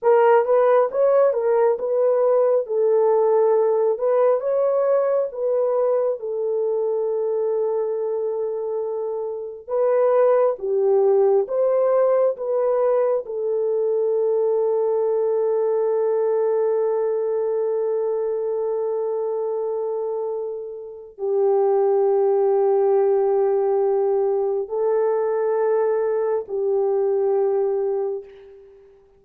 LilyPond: \new Staff \with { instrumentName = "horn" } { \time 4/4 \tempo 4 = 68 ais'8 b'8 cis''8 ais'8 b'4 a'4~ | a'8 b'8 cis''4 b'4 a'4~ | a'2. b'4 | g'4 c''4 b'4 a'4~ |
a'1~ | a'1 | g'1 | a'2 g'2 | }